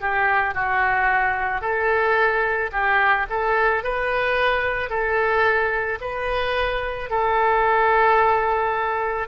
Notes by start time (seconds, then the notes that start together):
0.00 G4
0.54 F#4
1.61 A4
2.72 G4
3.30 A4
3.83 B4
4.89 A4
6.00 B4
7.10 A4